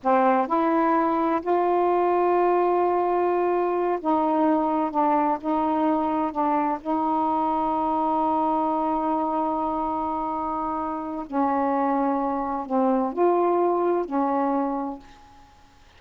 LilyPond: \new Staff \with { instrumentName = "saxophone" } { \time 4/4 \tempo 4 = 128 c'4 e'2 f'4~ | f'1~ | f'8 dis'2 d'4 dis'8~ | dis'4. d'4 dis'4.~ |
dis'1~ | dis'1 | cis'2. c'4 | f'2 cis'2 | }